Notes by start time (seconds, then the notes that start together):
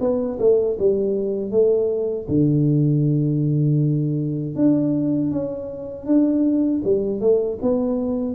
0.00 B3
0.39 A3
0.79 G3
1.51 A3
2.28 D3
4.55 D4
5.31 C#4
6.06 D4
6.84 G3
7.20 A3
7.62 B3